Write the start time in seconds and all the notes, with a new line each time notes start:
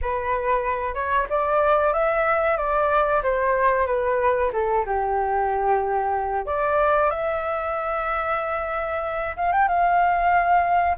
0.01 B4
0.94 C#5
1.29 D5
1.93 E5
2.57 D5
3.23 C5
3.86 B4
4.52 A4
4.85 G4
6.45 D5
7.10 E5
9.36 F5
9.52 G5
9.67 F5